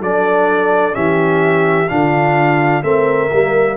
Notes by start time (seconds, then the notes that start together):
0.00 F#3 D4 A4 D5
0.92 E3 C#4 G4 E5
1.88 D3 D4 F4 F5
2.82 A3 C4 A#4 E5
3.31 G3 A#3